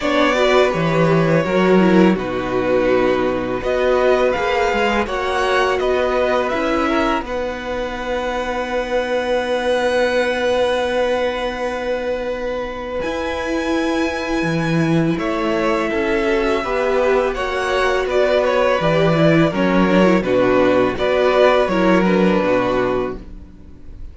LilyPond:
<<
  \new Staff \with { instrumentName = "violin" } { \time 4/4 \tempo 4 = 83 d''4 cis''2 b'4~ | b'4 dis''4 f''4 fis''4 | dis''4 e''4 fis''2~ | fis''1~ |
fis''2 gis''2~ | gis''4 e''2. | fis''4 d''8 cis''8 d''4 cis''4 | b'4 d''4 cis''8 b'4. | }
  \new Staff \with { instrumentName = "violin" } { \time 4/4 cis''8 b'4. ais'4 fis'4~ | fis'4 b'2 cis''4 | b'4. ais'8 b'2~ | b'1~ |
b'1~ | b'4 cis''4 a'4 b'4 | cis''4 b'2 ais'4 | fis'4 b'4 ais'4 fis'4 | }
  \new Staff \with { instrumentName = "viola" } { \time 4/4 d'8 fis'8 g'4 fis'8 e'8 dis'4~ | dis'4 fis'4 gis'4 fis'4~ | fis'4 e'4 dis'2~ | dis'1~ |
dis'2 e'2~ | e'2~ e'8 fis'8 g'4 | fis'2 g'8 e'8 cis'8 d'16 e'16 | d'4 fis'4 e'8 d'4. | }
  \new Staff \with { instrumentName = "cello" } { \time 4/4 b4 e4 fis4 b,4~ | b,4 b4 ais8 gis8 ais4 | b4 cis'4 b2~ | b1~ |
b2 e'2 | e4 a4 cis'4 b4 | ais4 b4 e4 fis4 | b,4 b4 fis4 b,4 | }
>>